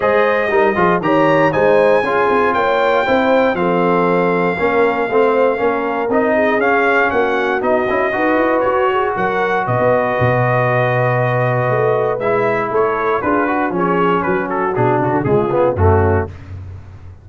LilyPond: <<
  \new Staff \with { instrumentName = "trumpet" } { \time 4/4 \tempo 4 = 118 dis''2 ais''4 gis''4~ | gis''4 g''2 f''4~ | f''1 | dis''4 f''4 fis''4 dis''4~ |
dis''4 cis''4 fis''4 dis''4~ | dis''1 | e''4 cis''4 b'4 cis''4 | b'8 a'8 gis'8 fis'8 gis'4 fis'4 | }
  \new Staff \with { instrumentName = "horn" } { \time 4/4 c''4 ais'8 gis'8 cis''4 c''4 | gis'4 cis''4 c''4 a'4~ | a'4 ais'4 c''4 ais'4~ | ais'8 gis'4. fis'2 |
b'4. gis'8 ais'4 b'4~ | b'1~ | b'4 a'4 gis'8 fis'8 gis'4 | fis'2 f'4 cis'4 | }
  \new Staff \with { instrumentName = "trombone" } { \time 4/4 gis'4 dis'8 f'8 g'4 dis'4 | f'2 e'4 c'4~ | c'4 cis'4 c'4 cis'4 | dis'4 cis'2 dis'8 e'8 |
fis'1~ | fis'1 | e'2 f'8 fis'8 cis'4~ | cis'4 d'4 gis8 b8 a4 | }
  \new Staff \with { instrumentName = "tuba" } { \time 4/4 gis4 g8 f8 dis4 gis4 | cis'8 c'8 ais4 c'4 f4~ | f4 ais4 a4 ais4 | c'4 cis'4 ais4 b8 cis'8 |
dis'8 e'8 fis'4 fis4 b,16 b8. | b,2. a4 | gis4 a4 d'4 f4 | fis4 b,8 cis16 d16 cis4 fis,4 | }
>>